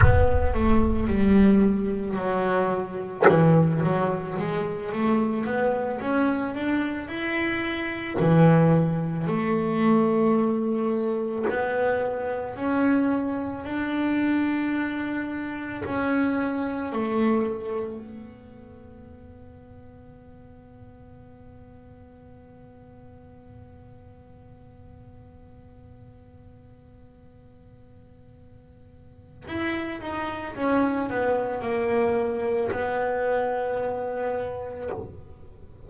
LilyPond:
\new Staff \with { instrumentName = "double bass" } { \time 4/4 \tempo 4 = 55 b8 a8 g4 fis4 e8 fis8 | gis8 a8 b8 cis'8 d'8 e'4 e8~ | e8 a2 b4 cis'8~ | cis'8 d'2 cis'4 a8~ |
a8 b2.~ b8~ | b1~ | b2. e'8 dis'8 | cis'8 b8 ais4 b2 | }